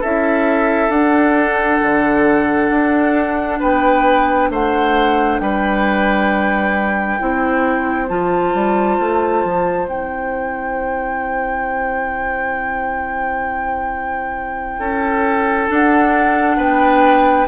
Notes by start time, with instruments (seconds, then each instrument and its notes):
0.00 bassoon C#4, clarinet E4, oboe A4, flute E5
0.89 bassoon D4, clarinet D4, flute F#5
1.82 bassoon D3
2.70 bassoon D4
3.60 bassoon B3, oboe B4, flute G5
4.49 bassoon A3, oboe C5, flute F#5
5.39 bassoon G3, oboe B4, flute G5
7.19 bassoon C4, clarinet E4, oboe C5
8.08 bassoon F3, clarinet F4, flute A5
8.54 bassoon G3
8.99 bassoon A3
9.43 bassoon F3
9.87 bassoon C4, clarinet E4, flute G5
14.78 bassoon C#4, oboe A4
15.68 clarinet D4, bassoon D4, flute F#5
16.57 bassoon B3, oboe B4, flute G5